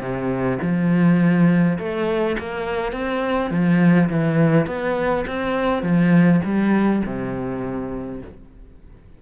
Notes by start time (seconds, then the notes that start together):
0.00 C3
0.62 F3
1.78 A3
2.39 A#3
2.92 C4
3.51 F3
4.09 E3
4.67 B3
5.27 C4
5.83 F3
6.44 G3
7.05 C3